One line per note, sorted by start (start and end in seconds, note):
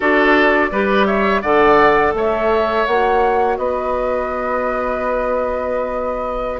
0.00 0.71 D4
0.00 0.71 F#4
0.00 0.70 A4
0.00 1.06 D5
0.71 1.43 G3
0.71 1.43 G4
0.71 1.06 B4
1.06 1.41 C#5
1.06 1.41 E5
1.41 2.13 D3
1.41 2.87 A4
1.41 2.13 D5
1.41 2.13 F#5
2.13 2.85 A3
2.13 3.58 C#5
2.13 2.85 E5
2.85 3.57 A#3
2.85 6.60 F#4
2.85 3.57 F#5
3.57 6.60 B3
3.57 6.60 B4
3.57 6.60 D#5